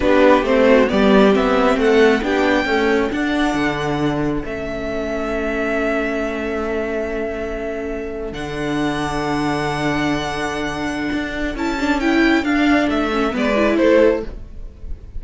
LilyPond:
<<
  \new Staff \with { instrumentName = "violin" } { \time 4/4 \tempo 4 = 135 b'4 c''4 d''4 e''4 | fis''4 g''2 fis''4~ | fis''2 e''2~ | e''1~ |
e''2~ e''8. fis''4~ fis''16~ | fis''1~ | fis''2 a''4 g''4 | f''4 e''4 d''4 c''4 | }
  \new Staff \with { instrumentName = "violin" } { \time 4/4 g'4. fis'8 g'2 | a'4 g'4 a'2~ | a'1~ | a'1~ |
a'1~ | a'1~ | a'1~ | a'2 b'4 a'4 | }
  \new Staff \with { instrumentName = "viola" } { \time 4/4 d'4 c'4 b4 c'4~ | c'4 d'4 a4 d'4~ | d'2 cis'2~ | cis'1~ |
cis'2~ cis'8. d'4~ d'16~ | d'1~ | d'2 e'8 d'8 e'4 | d'4. cis'8 b8 e'4. | }
  \new Staff \with { instrumentName = "cello" } { \time 4/4 b4 a4 g4 b4 | a4 b4 cis'4 d'4 | d2 a2~ | a1~ |
a2~ a8. d4~ d16~ | d1~ | d4 d'4 cis'2 | d'4 a4 gis4 a4 | }
>>